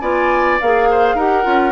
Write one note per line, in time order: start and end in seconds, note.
0.00 0.59 B3
0.00 0.59 F4
0.00 0.88 D5
0.00 0.58 G#5
0.60 1.14 A#3
0.60 1.18 G#4
0.60 1.18 F5
0.90 1.15 C5
1.14 1.43 D#4
1.14 1.43 G4
1.14 1.72 A#4
1.14 1.72 F#5
1.43 1.72 C#4
1.43 1.72 F4